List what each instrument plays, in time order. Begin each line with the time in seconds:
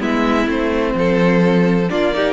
0.00 cello G#3, viola B3, violin E4 E5
0.46 cello A3, viola C4, violin C5
0.95 cello F3, violin A4
1.89 cello A#3, viola D4, violin F4 D5
2.13 viola D#4, violin G4